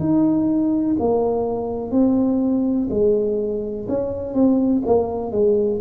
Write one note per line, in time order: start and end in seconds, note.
0.00 0.97 D#4
0.99 1.92 A#3
1.92 2.89 C4
2.91 3.88 G#3
3.89 4.35 C#4
4.35 4.83 C4
4.87 5.32 A#3
5.32 5.81 G#3